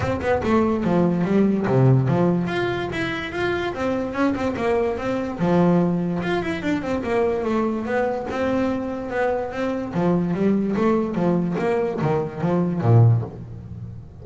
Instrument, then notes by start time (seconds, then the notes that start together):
double bass
0.00 C4
0.21 B3
0.43 A3
0.84 F3
1.24 G3
1.66 C3
2.08 F3
2.47 F4
2.92 E4
3.32 F4
3.74 C4
4.13 C#4
4.34 C4
4.56 A#3
4.97 C4
5.39 F3
6.22 F4
6.42 E4
6.62 D4
6.82 C4
7.03 A#3
7.44 A3
7.85 B3
8.30 C4
9.10 B3
9.51 C4
9.94 F3
10.34 G3
10.76 A3
11.14 F3
11.58 A#3
12.01 D#3
12.41 F3
12.81 A#2